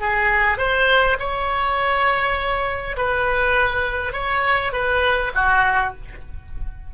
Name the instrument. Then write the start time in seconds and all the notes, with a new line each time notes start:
oboe
0.00 G#4
0.58 C5
1.20 C#5
2.97 B4
4.13 C#5
4.73 B4
5.35 F#4